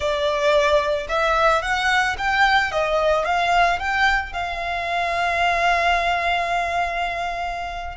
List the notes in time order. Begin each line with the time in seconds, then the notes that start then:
0.00 D5
1.08 E5
1.62 F#5
2.18 G5
2.71 D#5
3.25 F5
3.79 G5
4.32 F5